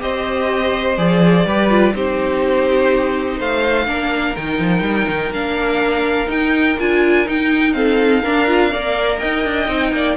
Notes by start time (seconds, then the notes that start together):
0.00 C4 G4 C5 D#5
0.97 F3 G#4 D5
1.45 G3 G4 B4
1.70 F4
1.94 C4 D#4 G4 C5
3.37 A3 C5 F5
3.87 A#3 D4 A#4
4.36 D#3 D#4 G5
4.59 F3
4.81 G3
5.09 D#3
5.31 A#3 D4 F5
6.27 D#4 G5
6.79 D4 F4 G#5
7.26 D#4 G5
7.73 C4 A4 F5
8.23 D4 A#4
8.47 F4
8.71 A#3 A#4 D5
9.19 D#4 D#5 G5
9.45 D4
9.67 C4 D#4
9.92 A#3 D5